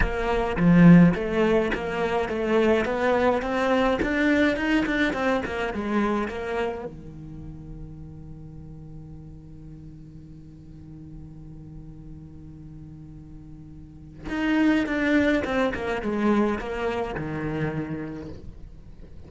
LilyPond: \new Staff \with { instrumentName = "cello" } { \time 4/4 \tempo 4 = 105 ais4 f4 a4 ais4 | a4 b4 c'4 d'4 | dis'8 d'8 c'8 ais8 gis4 ais4 | dis1~ |
dis1~ | dis1~ | dis4 dis'4 d'4 c'8 ais8 | gis4 ais4 dis2 | }